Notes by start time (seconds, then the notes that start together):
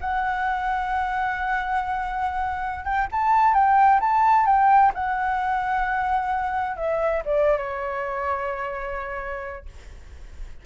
0.00 F#5
2.84 G5
3.11 A5
3.53 G5
4.00 A5
4.46 G5
4.94 F#5
6.76 E5
7.25 D5
7.57 C#5